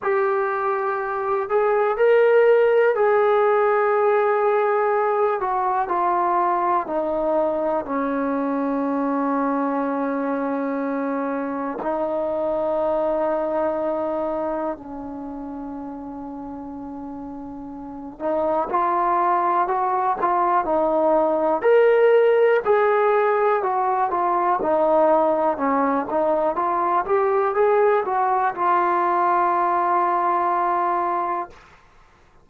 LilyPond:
\new Staff \with { instrumentName = "trombone" } { \time 4/4 \tempo 4 = 61 g'4. gis'8 ais'4 gis'4~ | gis'4. fis'8 f'4 dis'4 | cis'1 | dis'2. cis'4~ |
cis'2~ cis'8 dis'8 f'4 | fis'8 f'8 dis'4 ais'4 gis'4 | fis'8 f'8 dis'4 cis'8 dis'8 f'8 g'8 | gis'8 fis'8 f'2. | }